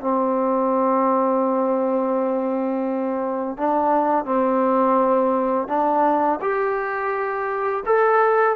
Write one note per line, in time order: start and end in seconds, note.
0.00 3.57 C4
3.57 4.25 D4
4.25 5.68 C4
5.68 6.39 D4
6.41 7.84 G4
7.85 8.56 A4